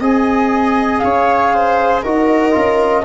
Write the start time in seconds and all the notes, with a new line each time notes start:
0.00 C4 G#4 D#5 G#5
0.99 C#4 C#5 F5
1.54 C5
2.02 D#4 F#4 A#4 D#5
2.52 C#4 F4